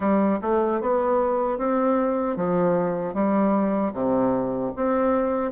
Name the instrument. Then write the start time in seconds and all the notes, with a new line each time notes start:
bassoon
0.00 G3
0.41 A3
0.80 B3
1.58 C4
2.36 F3
3.14 G3
3.93 C3
4.75 C4